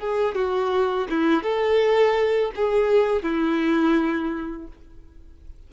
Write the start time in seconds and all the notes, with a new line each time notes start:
0.00 G#4
0.35 F#4
1.10 E4
1.44 A4
2.56 G#4
3.23 E4